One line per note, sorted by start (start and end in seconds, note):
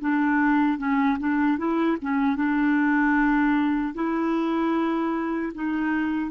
0.00 0.78 D4
0.78 1.18 C#4
1.19 1.58 D4
1.58 1.97 E4
2.01 2.36 C#4
2.36 3.94 D4
3.94 5.52 E4
5.54 6.31 D#4